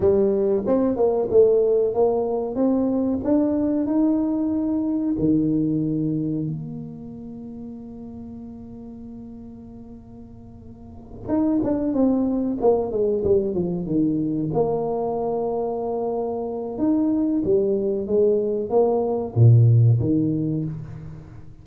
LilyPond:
\new Staff \with { instrumentName = "tuba" } { \time 4/4 \tempo 4 = 93 g4 c'8 ais8 a4 ais4 | c'4 d'4 dis'2 | dis2 ais2~ | ais1~ |
ais4. dis'8 d'8 c'4 ais8 | gis8 g8 f8 dis4 ais4.~ | ais2 dis'4 g4 | gis4 ais4 ais,4 dis4 | }